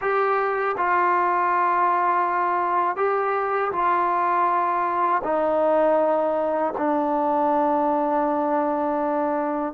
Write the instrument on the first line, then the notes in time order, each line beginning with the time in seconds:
trombone
0.01 G4
0.77 F4
2.96 G4
3.72 F4
5.23 D#4
6.77 D4